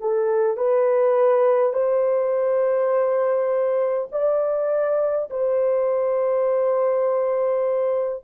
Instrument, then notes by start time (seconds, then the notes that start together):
horn
0.00 A4
0.57 B4
1.73 C5
4.12 D5
5.30 C5